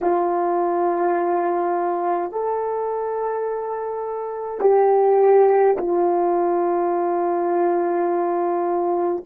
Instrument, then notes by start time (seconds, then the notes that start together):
horn
0.01 F4
2.31 A4
4.60 G4
5.77 F4